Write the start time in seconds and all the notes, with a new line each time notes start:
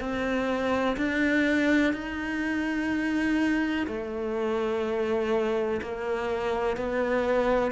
0.00 C4
0.97 D4
1.94 D#4
3.87 A3
5.82 A#3
6.77 B3